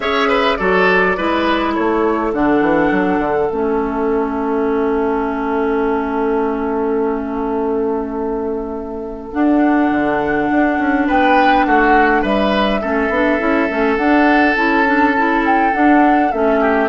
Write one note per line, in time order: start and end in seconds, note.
0.00 0.57 C#4
0.00 0.59 G#4
0.00 0.28 C#5
0.00 0.56 E5
0.28 0.57 B4
0.56 1.17 F#3
0.56 1.17 F#4
0.56 1.17 A4
0.56 1.73 D5
1.17 1.76 G#3
1.17 2.33 E4
1.17 1.74 B4
1.74 2.33 A3
1.74 11.06 A4
1.74 2.32 C#5
2.33 2.61 D3
2.33 3.49 D4
2.33 3.50 F#5
2.61 2.90 E3
2.91 3.19 F#3
3.19 3.48 D3
3.50 9.33 A3
3.50 9.32 C#4
3.50 9.32 E5
9.32 12.81 D4
9.32 9.90 D4
9.32 11.07 F#5
9.90 10.49 D3
10.50 10.78 D4
10.78 11.07 C#4
11.07 11.65 B3
11.07 11.65 B4
11.07 11.65 G5
11.65 12.23 A3
11.65 12.22 F#4
11.65 12.23 F#5
12.22 12.81 G3
12.22 12.80 B4
12.22 13.96 E5
12.81 13.09 A3
12.81 13.11 C#4
12.81 16.59 A4
13.09 13.38 B3
13.09 13.39 D4
13.39 13.69 C#4
13.39 13.68 E4
13.69 13.97 A3
13.69 13.98 C#4
13.96 14.55 D4
13.96 14.54 F#5
14.55 15.72 C#4
14.55 14.84 E4
14.55 15.43 A5
14.85 15.14 D4
15.17 15.72 E4
15.45 15.73 G5
15.72 16.30 D4
15.72 16.32 D4
15.72 16.31 F#5
16.31 16.89 A3
16.31 16.89 C#4
16.31 16.89 E5
16.60 16.89 G4